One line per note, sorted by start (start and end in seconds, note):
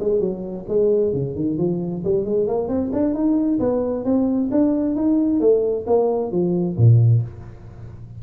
0.00 0.20 G#3
0.20 0.65 F#3
0.68 1.13 G#3
1.13 1.35 C#3
1.35 1.58 D#3
1.58 2.03 F3
2.04 2.25 G3
2.25 2.47 G#3
2.47 2.68 A#3
2.68 2.91 C4
2.93 3.14 D4
3.14 3.59 D#4
3.59 4.04 B3
4.05 4.50 C4
4.52 4.95 D4
4.95 5.40 D#4
5.40 5.85 A3
5.87 6.31 A#3
6.31 6.76 F3
6.77 7.22 A#2